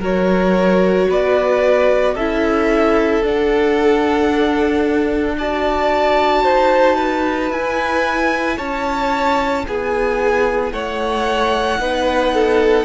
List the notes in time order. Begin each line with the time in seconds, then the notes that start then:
0.00 F#3 F#4 A#4 C#5
1.09 B3 B4 D5
2.15 C#4 E4 A4 E5
3.23 D4 F#5
5.38 F#4 D5 A5
6.44 D#4 C5
6.96 B4
7.51 E4 G#5
8.58 C#4 C#5 A5
9.67 B3 G#4 G#5
10.73 A3 C#5 F#5
11.80 B3 D#4 B4
12.35 A4